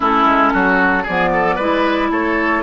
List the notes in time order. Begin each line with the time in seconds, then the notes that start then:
0.00 A3 C#4 E4 A4
0.25 G#3
0.53 F#3 F#4
1.03 F3 G#4 D5
1.09 B3
1.32 A4
1.55 G#3 E4 B4
2.10 A3 A4 C#5